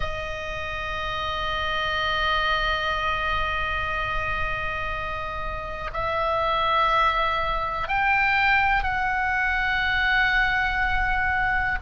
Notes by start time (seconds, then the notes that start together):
0.00 D#5
5.93 E5
7.88 G5
8.83 F#5